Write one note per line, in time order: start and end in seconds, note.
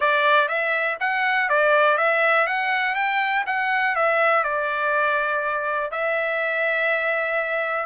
0.00 0.48 D5
0.48 0.97 E5
1.00 1.49 F#5
1.49 1.97 D5
1.97 2.46 E5
2.46 2.95 F#5
2.95 3.44 G5
3.46 3.95 F#5
3.95 4.43 E5
4.43 5.91 D5
5.91 7.86 E5